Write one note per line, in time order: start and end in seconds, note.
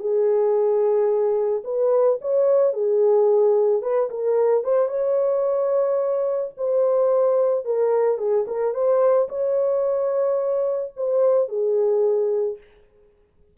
0.00 1.64 G#4
1.65 2.19 B4
2.22 2.73 C#5
2.73 3.82 G#4
3.82 4.10 B4
4.10 4.64 A#4
4.64 4.88 C5
4.88 6.52 C#5
6.58 7.65 C5
7.65 8.18 A#4
8.18 8.46 G#4
8.47 8.74 A#4
8.74 9.29 C5
9.29 10.93 C#5
10.97 11.49 C5
11.49 12.58 G#4